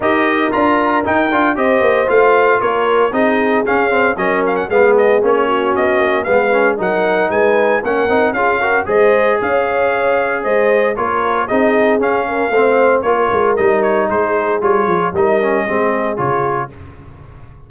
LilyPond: <<
  \new Staff \with { instrumentName = "trumpet" } { \time 4/4 \tempo 4 = 115 dis''4 ais''4 g''4 dis''4 | f''4 cis''4 dis''4 f''4 | dis''8 f''16 fis''16 f''8 dis''8 cis''4 dis''4 | f''4 fis''4 gis''4 fis''4 |
f''4 dis''4 f''2 | dis''4 cis''4 dis''4 f''4~ | f''4 cis''4 dis''8 cis''8 c''4 | cis''4 dis''2 cis''4 | }
  \new Staff \with { instrumentName = "horn" } { \time 4/4 ais'2. c''4~ | c''4 ais'4 gis'2 | ais'4 gis'4. fis'4. | b'4 ais'4 b'4 ais'4 |
gis'8 ais'8 c''4 cis''2 | c''4 ais'4 gis'4. ais'8 | c''4 ais'2 gis'4~ | gis'4 ais'4 gis'2 | }
  \new Staff \with { instrumentName = "trombone" } { \time 4/4 g'4 f'4 dis'8 f'8 g'4 | f'2 dis'4 cis'8 c'8 | cis'4 b4 cis'2 | b8 cis'8 dis'2 cis'8 dis'8 |
f'8 fis'8 gis'2.~ | gis'4 f'4 dis'4 cis'4 | c'4 f'4 dis'2 | f'4 dis'8 cis'8 c'4 f'4 | }
  \new Staff \with { instrumentName = "tuba" } { \time 4/4 dis'4 d'4 dis'8 d'8 c'8 ais8 | a4 ais4 c'4 cis'4 | fis4 gis4 ais4 b8 ais8 | gis4 fis4 gis4 ais8 c'8 |
cis'4 gis4 cis'2 | gis4 ais4 c'4 cis'4 | a4 ais8 gis8 g4 gis4 | g8 f8 g4 gis4 cis4 | }
>>